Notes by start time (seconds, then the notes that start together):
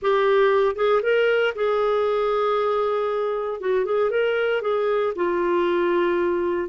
0.01 G4
0.75 G#4
1.02 A#4
1.55 G#4
3.60 F#4
3.85 G#4
4.10 A#4
4.61 G#4
5.15 F4